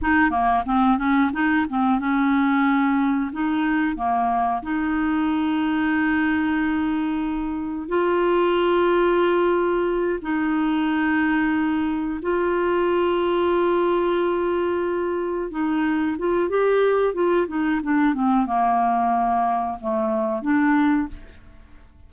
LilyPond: \new Staff \with { instrumentName = "clarinet" } { \time 4/4 \tempo 4 = 91 dis'8 ais8 c'8 cis'8 dis'8 c'8 cis'4~ | cis'4 dis'4 ais4 dis'4~ | dis'1 | f'2.~ f'8 dis'8~ |
dis'2~ dis'8 f'4.~ | f'2.~ f'8 dis'8~ | dis'8 f'8 g'4 f'8 dis'8 d'8 c'8 | ais2 a4 d'4 | }